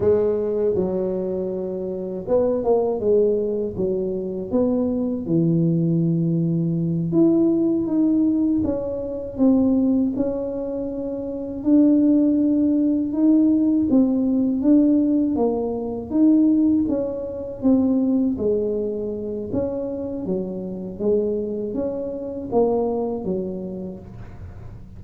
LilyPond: \new Staff \with { instrumentName = "tuba" } { \time 4/4 \tempo 4 = 80 gis4 fis2 b8 ais8 | gis4 fis4 b4 e4~ | e4. e'4 dis'4 cis'8~ | cis'8 c'4 cis'2 d'8~ |
d'4. dis'4 c'4 d'8~ | d'8 ais4 dis'4 cis'4 c'8~ | c'8 gis4. cis'4 fis4 | gis4 cis'4 ais4 fis4 | }